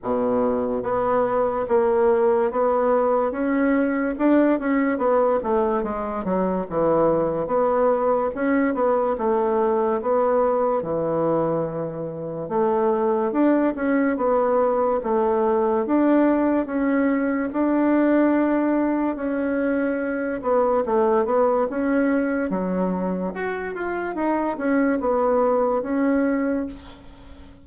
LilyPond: \new Staff \with { instrumentName = "bassoon" } { \time 4/4 \tempo 4 = 72 b,4 b4 ais4 b4 | cis'4 d'8 cis'8 b8 a8 gis8 fis8 | e4 b4 cis'8 b8 a4 | b4 e2 a4 |
d'8 cis'8 b4 a4 d'4 | cis'4 d'2 cis'4~ | cis'8 b8 a8 b8 cis'4 fis4 | fis'8 f'8 dis'8 cis'8 b4 cis'4 | }